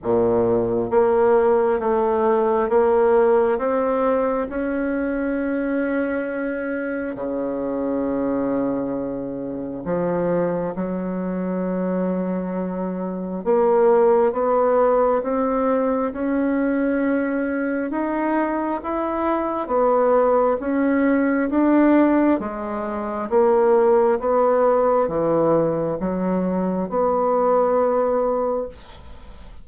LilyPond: \new Staff \with { instrumentName = "bassoon" } { \time 4/4 \tempo 4 = 67 ais,4 ais4 a4 ais4 | c'4 cis'2. | cis2. f4 | fis2. ais4 |
b4 c'4 cis'2 | dis'4 e'4 b4 cis'4 | d'4 gis4 ais4 b4 | e4 fis4 b2 | }